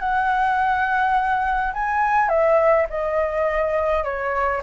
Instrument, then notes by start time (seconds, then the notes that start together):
flute
0.00 F#5
1.74 G#5
2.29 E5
2.90 D#5
4.04 C#5